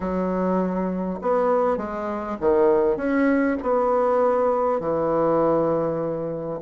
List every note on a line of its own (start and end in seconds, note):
0.00 1.19 F#3
1.21 1.77 B3
1.77 2.37 G#3
2.40 2.96 D#3
2.96 3.56 C#4
3.62 4.80 B3
4.80 6.60 E3